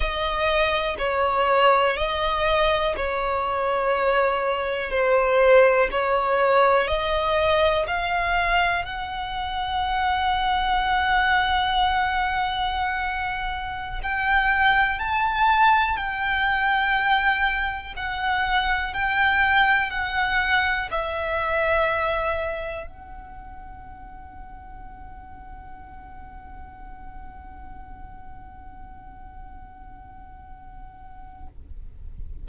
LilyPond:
\new Staff \with { instrumentName = "violin" } { \time 4/4 \tempo 4 = 61 dis''4 cis''4 dis''4 cis''4~ | cis''4 c''4 cis''4 dis''4 | f''4 fis''2.~ | fis''2~ fis''16 g''4 a''8.~ |
a''16 g''2 fis''4 g''8.~ | g''16 fis''4 e''2 fis''8.~ | fis''1~ | fis''1 | }